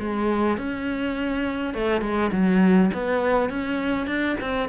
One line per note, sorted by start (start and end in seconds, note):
0.00 0.58 G#3
0.58 1.74 C#4
1.74 2.02 A3
2.02 2.31 G#3
2.32 2.91 F#3
2.94 3.50 B3
3.50 4.07 C#4
4.07 4.36 D4
4.41 4.70 C4